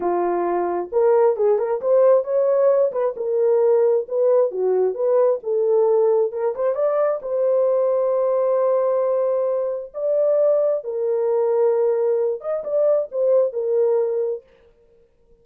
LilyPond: \new Staff \with { instrumentName = "horn" } { \time 4/4 \tempo 4 = 133 f'2 ais'4 gis'8 ais'8 | c''4 cis''4. b'8 ais'4~ | ais'4 b'4 fis'4 b'4 | a'2 ais'8 c''8 d''4 |
c''1~ | c''2 d''2 | ais'2.~ ais'8 dis''8 | d''4 c''4 ais'2 | }